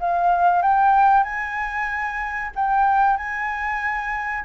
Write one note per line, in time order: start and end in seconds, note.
0.00 0.62 F5
0.62 1.23 G5
1.23 2.51 G#5
2.56 3.17 G5
3.17 4.45 G#5